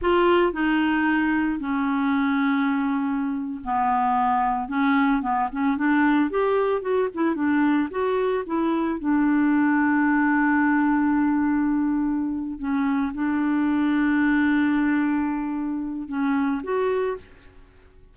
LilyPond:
\new Staff \with { instrumentName = "clarinet" } { \time 4/4 \tempo 4 = 112 f'4 dis'2 cis'4~ | cis'2~ cis'8. b4~ b16~ | b8. cis'4 b8 cis'8 d'4 g'16~ | g'8. fis'8 e'8 d'4 fis'4 e'16~ |
e'8. d'2.~ d'16~ | d'2.~ d'8 cis'8~ | cis'8 d'2.~ d'8~ | d'2 cis'4 fis'4 | }